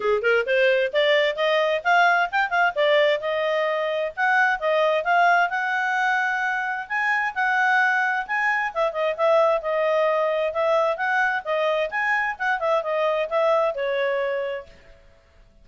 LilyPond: \new Staff \with { instrumentName = "clarinet" } { \time 4/4 \tempo 4 = 131 gis'8 ais'8 c''4 d''4 dis''4 | f''4 g''8 f''8 d''4 dis''4~ | dis''4 fis''4 dis''4 f''4 | fis''2. gis''4 |
fis''2 gis''4 e''8 dis''8 | e''4 dis''2 e''4 | fis''4 dis''4 gis''4 fis''8 e''8 | dis''4 e''4 cis''2 | }